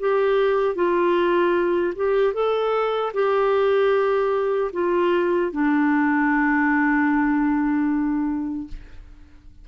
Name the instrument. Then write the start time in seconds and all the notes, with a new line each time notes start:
clarinet
0.00 G4
0.75 F4
1.96 G4
2.34 A4
3.14 G4
4.73 F4
5.52 D4